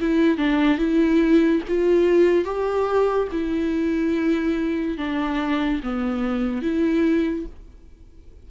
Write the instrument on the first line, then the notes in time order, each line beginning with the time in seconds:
viola
0.00 E4
0.37 D4
0.78 E4
1.68 F4
2.45 G4
3.31 E4
4.97 D4
5.83 B3
6.62 E4